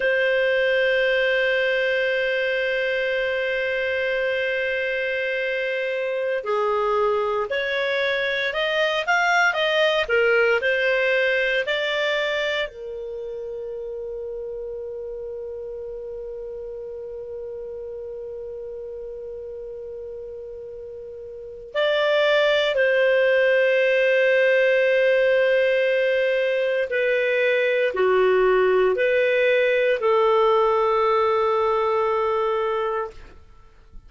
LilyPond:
\new Staff \with { instrumentName = "clarinet" } { \time 4/4 \tempo 4 = 58 c''1~ | c''2~ c''16 gis'4 cis''8.~ | cis''16 dis''8 f''8 dis''8 ais'8 c''4 d''8.~ | d''16 ais'2.~ ais'8.~ |
ais'1~ | ais'4 d''4 c''2~ | c''2 b'4 fis'4 | b'4 a'2. | }